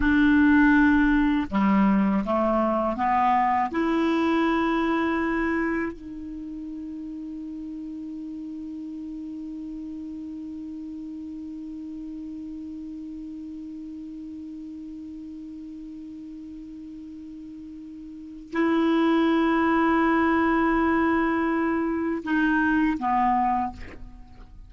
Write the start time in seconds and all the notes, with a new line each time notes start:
0.00 D4
1.50 G3
2.25 A3
2.96 B3
3.71 E4
5.92 D#4
18.52 E4
22.23 D#4
22.98 B3